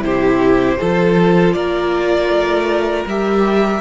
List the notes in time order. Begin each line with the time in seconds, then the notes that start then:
0.00 C3 E4 G4 C5
0.79 F3 F4 A4
1.52 A#3 A#4 D5
2.29 A3
3.06 G3 G4 E5